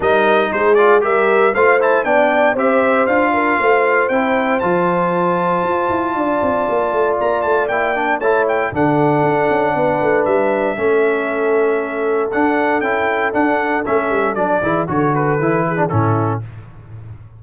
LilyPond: <<
  \new Staff \with { instrumentName = "trumpet" } { \time 4/4 \tempo 4 = 117 dis''4 c''8 d''8 e''4 f''8 a''8 | g''4 e''4 f''2 | g''4 a''2.~ | a''2 ais''8 a''8 g''4 |
a''8 g''8 fis''2. | e''1 | fis''4 g''4 fis''4 e''4 | d''4 cis''8 b'4. a'4 | }
  \new Staff \with { instrumentName = "horn" } { \time 4/4 ais'4 gis'4 ais'4 c''4 | d''4 c''4. ais'8 c''4~ | c''1 | d''1 |
cis''4 a'2 b'4~ | b'4 a'2.~ | a'1~ | a'8 gis'8 a'4. gis'8 e'4 | }
  \new Staff \with { instrumentName = "trombone" } { \time 4/4 dis'4. f'8 g'4 f'8 e'8 | d'4 g'4 f'2 | e'4 f'2.~ | f'2. e'8 d'8 |
e'4 d'2.~ | d'4 cis'2. | d'4 e'4 d'4 cis'4 | d'8 e'8 fis'4 e'8. d'16 cis'4 | }
  \new Staff \with { instrumentName = "tuba" } { \time 4/4 g4 gis4 g4 a4 | b4 c'4 d'4 a4 | c'4 f2 f'8 e'8 | d'8 c'8 ais8 a8 ais8 a8 ais4 |
a4 d4 d'8 cis'8 b8 a8 | g4 a2. | d'4 cis'4 d'4 a8 g8 | fis8 e8 d4 e4 a,4 | }
>>